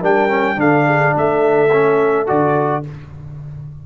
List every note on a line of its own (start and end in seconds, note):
0.00 0.56 G3
0.00 0.28 D4
0.00 0.56 A#4
0.00 0.60 G5
0.28 0.55 C#4
0.55 1.12 D3
0.55 1.68 D4
0.55 0.86 A4
0.55 1.16 F5
0.86 1.14 G#4
1.15 2.28 A3
1.15 2.83 A4
1.15 2.27 E5
1.72 2.26 C#4
2.26 2.86 D3
2.26 2.82 F#4
2.26 2.83 D5